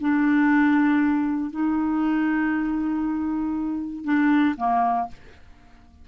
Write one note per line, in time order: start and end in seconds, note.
0.00 1.50 D4
1.50 4.04 D#4
4.04 4.55 D4
4.56 5.07 A#3